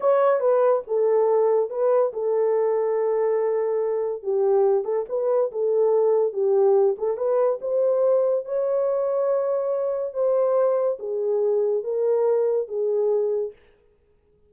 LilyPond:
\new Staff \with { instrumentName = "horn" } { \time 4/4 \tempo 4 = 142 cis''4 b'4 a'2 | b'4 a'2.~ | a'2 g'4. a'8 | b'4 a'2 g'4~ |
g'8 a'8 b'4 c''2 | cis''1 | c''2 gis'2 | ais'2 gis'2 | }